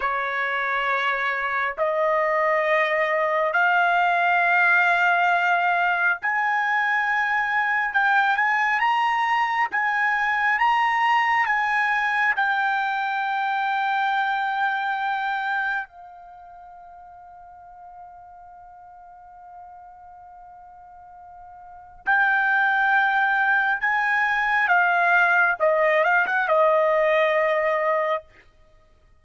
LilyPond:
\new Staff \with { instrumentName = "trumpet" } { \time 4/4 \tempo 4 = 68 cis''2 dis''2 | f''2. gis''4~ | gis''4 g''8 gis''8 ais''4 gis''4 | ais''4 gis''4 g''2~ |
g''2 f''2~ | f''1~ | f''4 g''2 gis''4 | f''4 dis''8 f''16 fis''16 dis''2 | }